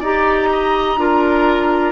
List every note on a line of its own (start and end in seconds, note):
0.00 0.97 D#4
0.00 0.98 G4
0.00 0.48 D5
0.00 1.92 A#5
0.52 1.00 D#5
0.97 1.92 D4
0.97 1.92 F4
0.97 1.92 A#4